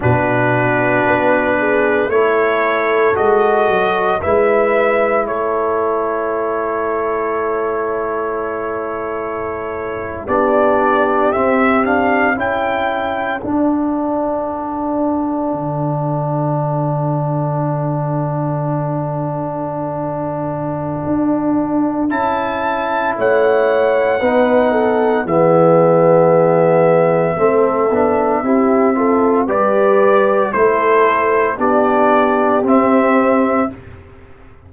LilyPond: <<
  \new Staff \with { instrumentName = "trumpet" } { \time 4/4 \tempo 4 = 57 b'2 cis''4 dis''4 | e''4 cis''2.~ | cis''4.~ cis''16 d''4 e''8 f''8 g''16~ | g''8. fis''2.~ fis''16~ |
fis''1~ | fis''4 a''4 fis''2 | e''1 | d''4 c''4 d''4 e''4 | }
  \new Staff \with { instrumentName = "horn" } { \time 4/4 fis'4. gis'8 a'2 | b'4 a'2.~ | a'4.~ a'16 g'2 a'16~ | a'1~ |
a'1~ | a'2 cis''4 b'8 a'8 | gis'2 a'4 g'8 a'8 | b'4 a'4 g'2 | }
  \new Staff \with { instrumentName = "trombone" } { \time 4/4 d'2 e'4 fis'4 | e'1~ | e'4.~ e'16 d'4 c'8 d'8 e'16~ | e'8. d'2.~ d'16~ |
d'1~ | d'4 e'2 dis'4 | b2 c'8 d'8 e'8 f'8 | g'4 e'4 d'4 c'4 | }
  \new Staff \with { instrumentName = "tuba" } { \time 4/4 b,4 b4 a4 gis8 fis8 | gis4 a2.~ | a4.~ a16 b4 c'4 cis'16~ | cis'8. d'2 d4~ d16~ |
d1 | d'4 cis'4 a4 b4 | e2 a8 b8 c'4 | g4 a4 b4 c'4 | }
>>